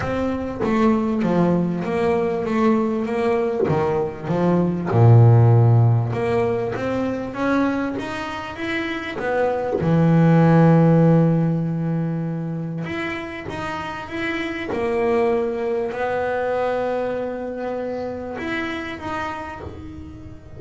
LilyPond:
\new Staff \with { instrumentName = "double bass" } { \time 4/4 \tempo 4 = 98 c'4 a4 f4 ais4 | a4 ais4 dis4 f4 | ais,2 ais4 c'4 | cis'4 dis'4 e'4 b4 |
e1~ | e4 e'4 dis'4 e'4 | ais2 b2~ | b2 e'4 dis'4 | }